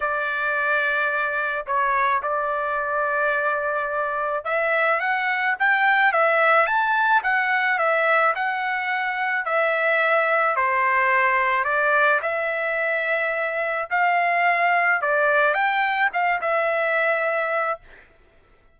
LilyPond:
\new Staff \with { instrumentName = "trumpet" } { \time 4/4 \tempo 4 = 108 d''2. cis''4 | d''1 | e''4 fis''4 g''4 e''4 | a''4 fis''4 e''4 fis''4~ |
fis''4 e''2 c''4~ | c''4 d''4 e''2~ | e''4 f''2 d''4 | g''4 f''8 e''2~ e''8 | }